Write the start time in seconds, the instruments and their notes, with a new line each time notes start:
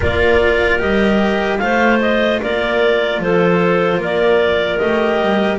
0.00 double bass A#3, cello F4, clarinet A#4 D5
0.79 double bass G3, cello G4, clarinet D#5
1.58 double bass A3, cello F4, clarinet C5 F5
2.01 clarinet D#5
2.41 double bass A#3, clarinet A#4 D5
3.19 double bass F3, clarinet A4 C5
3.97 double bass A#3, clarinet A#4
4.03 clarinet D5
4.78 double bass A3, cello G4, clarinet D#5
5.20 double bass G3